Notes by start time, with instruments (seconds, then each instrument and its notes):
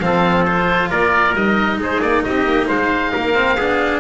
0.00 double bass F3, cello C4, trumpet A4, oboe F5
0.45 cello F4, oboe C5
0.90 double bass A#3, trumpet A#4, oboe D5
1.34 double bass G3, cello D#4, oboe D#5
1.77 double bass G#3, trumpet G#4, oboe C5
2.01 double bass A#3, oboe D5
2.23 double bass C4, trumpet G4, oboe D#5
2.44 double bass A#3
2.67 double bass G#3, trumpet C5, oboe F5
3.12 double bass A#3, trumpet A#4
3.34 cello C4
3.56 double bass B3, cello D4, trumpet G#4